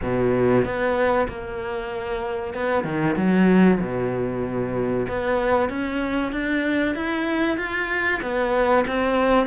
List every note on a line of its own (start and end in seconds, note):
0.02 0.64 B2
0.64 1.27 B3
1.28 2.53 A#3
2.53 2.84 B3
2.84 3.15 D#3
3.16 3.79 F#3
3.80 5.06 B2
5.08 5.69 B3
5.69 6.32 C#4
6.32 6.95 D4
6.95 7.57 E4
7.57 8.20 F4
8.21 8.84 B3
8.87 9.47 C4